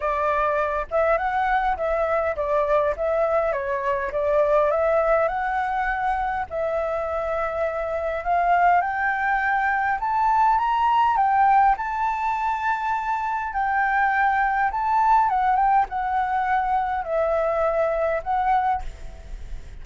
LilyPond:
\new Staff \with { instrumentName = "flute" } { \time 4/4 \tempo 4 = 102 d''4. e''8 fis''4 e''4 | d''4 e''4 cis''4 d''4 | e''4 fis''2 e''4~ | e''2 f''4 g''4~ |
g''4 a''4 ais''4 g''4 | a''2. g''4~ | g''4 a''4 fis''8 g''8 fis''4~ | fis''4 e''2 fis''4 | }